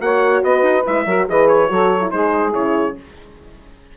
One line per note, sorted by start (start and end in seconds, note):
0.00 0.43 A#3
0.00 0.85 F#4
0.00 0.44 C#5
0.00 0.43 F#5
0.43 0.62 B3
0.43 1.06 B4
0.43 0.86 D#5
0.62 0.83 D#4
0.86 1.06 G#3
0.86 1.07 E4
0.86 1.29 E5
1.06 1.27 F#3
1.06 1.28 F#4
1.06 1.28 A#4
1.28 1.70 E3
1.28 1.68 G#4
1.28 1.70 B4
1.28 1.48 D#5
1.48 2.11 C#5
1.68 2.12 F#3
1.68 2.00 F#4
1.68 2.12 A4
2.01 2.11 E4
2.11 2.54 G#3
2.11 2.52 D#4
2.11 2.97 G#4
2.11 2.53 C5
2.52 2.96 C#3
2.52 2.94 E4
2.52 2.96 C#5